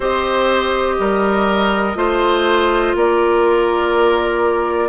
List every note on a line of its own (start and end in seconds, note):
0.00 0.98 C4
0.00 1.94 G4
0.00 0.94 C5
0.00 2.96 D#5
0.99 1.95 G3
0.99 1.97 A#4
1.94 2.93 A3
1.94 4.89 F4
1.94 2.95 C5
2.95 4.89 A#3
2.95 4.89 A#4
2.95 4.89 D5